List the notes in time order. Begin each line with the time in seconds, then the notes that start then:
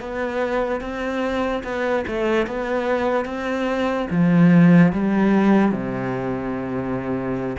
0.00 B3
0.81 C4
1.64 B3
2.07 A3
2.47 B3
3.25 C4
4.10 F3
4.92 G3
5.72 C3